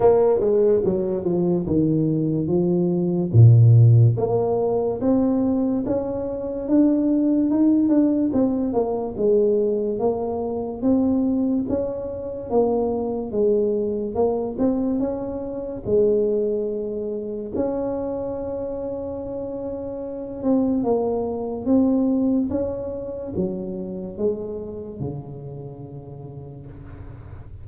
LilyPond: \new Staff \with { instrumentName = "tuba" } { \time 4/4 \tempo 4 = 72 ais8 gis8 fis8 f8 dis4 f4 | ais,4 ais4 c'4 cis'4 | d'4 dis'8 d'8 c'8 ais8 gis4 | ais4 c'4 cis'4 ais4 |
gis4 ais8 c'8 cis'4 gis4~ | gis4 cis'2.~ | cis'8 c'8 ais4 c'4 cis'4 | fis4 gis4 cis2 | }